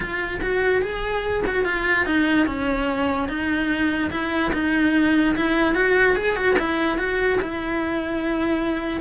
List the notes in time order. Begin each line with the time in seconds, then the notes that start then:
0.00 F4
0.41 F#4
0.82 G#4
1.46 F#4
1.64 F4
2.06 D#4
2.46 C#4
3.28 D#4
4.11 E4
4.53 D#4
5.36 E4
5.75 F#4
6.16 G#4
6.35 F#4
6.58 E4
6.98 F#4
7.41 E4